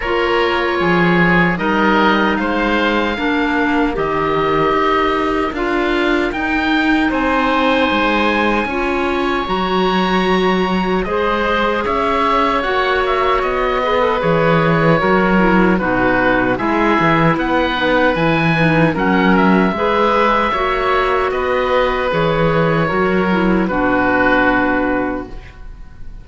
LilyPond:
<<
  \new Staff \with { instrumentName = "oboe" } { \time 4/4 \tempo 4 = 76 cis''2 dis''4 f''4~ | f''4 dis''2 f''4 | g''4 gis''2. | ais''2 dis''4 e''4 |
fis''8 e''8 dis''4 cis''2 | b'4 e''4 fis''4 gis''4 | fis''8 e''2~ e''8 dis''4 | cis''2 b'2 | }
  \new Staff \with { instrumentName = "oboe" } { \time 4/4 ais'4 gis'4 ais'4 c''4 | ais'1~ | ais'4 c''2 cis''4~ | cis''2 c''4 cis''4~ |
cis''4. b'4. ais'4 | fis'4 gis'4 b'2 | ais'4 b'4 cis''4 b'4~ | b'4 ais'4 fis'2 | }
  \new Staff \with { instrumentName = "clarinet" } { \time 4/4 f'2 dis'2 | d'4 g'2 f'4 | dis'2. f'4 | fis'2 gis'2 |
fis'4. gis'16 a'16 gis'4 fis'8 e'8 | dis'4 e'4. dis'8 e'8 dis'8 | cis'4 gis'4 fis'2 | gis'4 fis'8 e'8 d'2 | }
  \new Staff \with { instrumentName = "cello" } { \time 4/4 ais4 f4 g4 gis4 | ais4 dis4 dis'4 d'4 | dis'4 c'4 gis4 cis'4 | fis2 gis4 cis'4 |
ais4 b4 e4 fis4 | b,4 gis8 e8 b4 e4 | fis4 gis4 ais4 b4 | e4 fis4 b,2 | }
>>